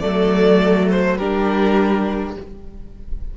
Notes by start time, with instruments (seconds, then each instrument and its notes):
0.00 cello F#3, viola A3, violin A4 D5
0.91 violin C5
1.18 cello G3, viola D4, violin G4 A#4